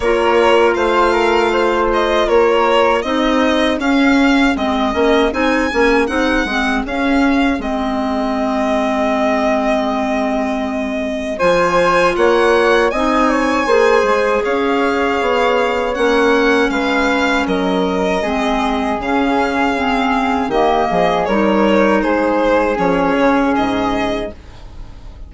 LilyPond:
<<
  \new Staff \with { instrumentName = "violin" } { \time 4/4 \tempo 4 = 79 cis''4 f''4. dis''8 cis''4 | dis''4 f''4 dis''4 gis''4 | fis''4 f''4 dis''2~ | dis''2. gis''4 |
fis''4 gis''2 f''4~ | f''4 fis''4 f''4 dis''4~ | dis''4 f''2 dis''4 | cis''4 c''4 cis''4 dis''4 | }
  \new Staff \with { instrumentName = "flute" } { \time 4/4 ais'4 c''8 ais'8 c''4 ais'4 | gis'1~ | gis'1~ | gis'2. c''4 |
cis''4 dis''8 cis''8 c''4 cis''4~ | cis''2 b'4 ais'4 | gis'2. g'8 gis'8 | ais'4 gis'2. | }
  \new Staff \with { instrumentName = "clarinet" } { \time 4/4 f'1 | dis'4 cis'4 c'8 cis'8 dis'8 cis'8 | dis'8 c'8 cis'4 c'2~ | c'2. f'4~ |
f'4 dis'4 gis'2~ | gis'4 cis'2. | c'4 cis'4 c'4 ais4 | dis'2 cis'2 | }
  \new Staff \with { instrumentName = "bassoon" } { \time 4/4 ais4 a2 ais4 | c'4 cis'4 gis8 ais8 c'8 ais8 | c'8 gis8 cis'4 gis2~ | gis2. f4 |
ais4 c'4 ais8 gis8 cis'4 | b4 ais4 gis4 fis4 | gis4 cis2 dis8 f8 | g4 gis4 f8 cis8 gis,4 | }
>>